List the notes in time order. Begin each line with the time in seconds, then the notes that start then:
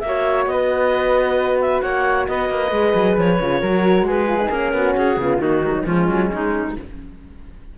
0.00 A#3 E5
0.07 F#4 C#5
0.47 B3 B4 D#5
1.61 E5
1.81 A#3 C#5 F#5
2.28 B3 B4 D#5
2.50 A#3
2.72 G#3 G#4
2.95 F#3
3.18 F3 C#5
3.40 C#3 F4
3.61 F#3 F#4 A#4
4.02 G#3 G#4
4.09 B4
4.28 F4
4.42 D#4
4.51 A#3 C#4 A#4
4.74 B3 F#4
4.97 C#4 G#4
5.17 C#3 B3 F4
5.38 D#3 A#3 D#4 F#4
5.65 G#3
5.73 F#3
5.85 F3 G#3 C#4 F4
6.09 F#3
6.32 G#3 D#4